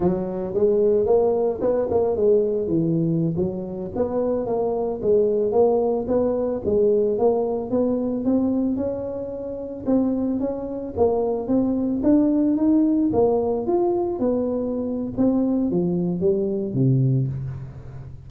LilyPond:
\new Staff \with { instrumentName = "tuba" } { \time 4/4 \tempo 4 = 111 fis4 gis4 ais4 b8 ais8 | gis4 e4~ e16 fis4 b8.~ | b16 ais4 gis4 ais4 b8.~ | b16 gis4 ais4 b4 c'8.~ |
c'16 cis'2 c'4 cis'8.~ | cis'16 ais4 c'4 d'4 dis'8.~ | dis'16 ais4 f'4 b4.~ b16 | c'4 f4 g4 c4 | }